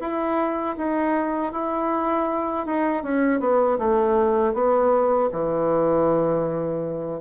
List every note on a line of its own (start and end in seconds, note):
0.00 0.76 E4
0.77 1.52 D#4
1.52 2.66 E4
2.66 3.03 D#4
3.03 3.40 C#4
3.40 3.78 B3
3.78 4.54 A3
4.54 5.30 B3
5.32 7.21 E3